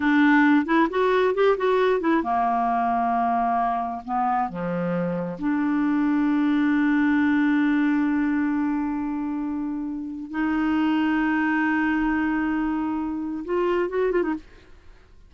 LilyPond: \new Staff \with { instrumentName = "clarinet" } { \time 4/4 \tempo 4 = 134 d'4. e'8 fis'4 g'8 fis'8~ | fis'8 e'8 ais2.~ | ais4 b4 f2 | d'1~ |
d'1~ | d'2. dis'4~ | dis'1~ | dis'2 f'4 fis'8 f'16 dis'16 | }